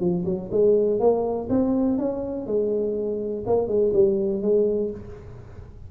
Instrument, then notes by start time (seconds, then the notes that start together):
tuba
0.00 F3
0.25 F#3
0.51 G#3
0.99 A#3
1.49 C4
1.98 C#4
2.46 G#3
3.46 A#3
3.68 G#3
3.93 G3
4.42 G#3